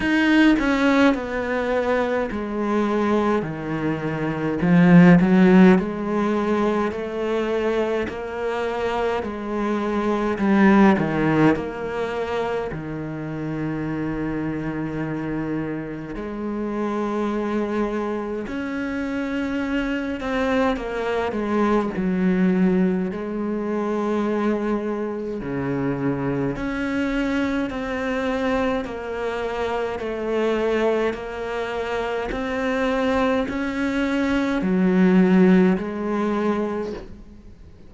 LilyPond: \new Staff \with { instrumentName = "cello" } { \time 4/4 \tempo 4 = 52 dis'8 cis'8 b4 gis4 dis4 | f8 fis8 gis4 a4 ais4 | gis4 g8 dis8 ais4 dis4~ | dis2 gis2 |
cis'4. c'8 ais8 gis8 fis4 | gis2 cis4 cis'4 | c'4 ais4 a4 ais4 | c'4 cis'4 fis4 gis4 | }